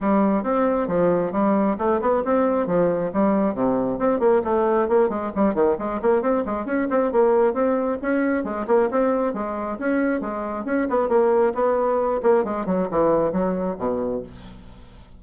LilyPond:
\new Staff \with { instrumentName = "bassoon" } { \time 4/4 \tempo 4 = 135 g4 c'4 f4 g4 | a8 b8 c'4 f4 g4 | c4 c'8 ais8 a4 ais8 gis8 | g8 dis8 gis8 ais8 c'8 gis8 cis'8 c'8 |
ais4 c'4 cis'4 gis8 ais8 | c'4 gis4 cis'4 gis4 | cis'8 b8 ais4 b4. ais8 | gis8 fis8 e4 fis4 b,4 | }